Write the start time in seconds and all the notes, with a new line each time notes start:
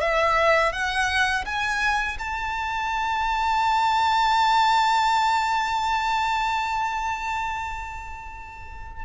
0.00 E5
0.72 F#5
1.45 G#5
2.18 A5